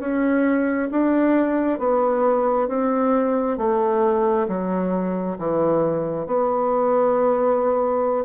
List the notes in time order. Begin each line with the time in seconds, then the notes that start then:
0.00 C#4
0.91 D4
1.79 B3
2.68 C4
3.58 A3
4.48 F#3
5.39 E3
6.26 B3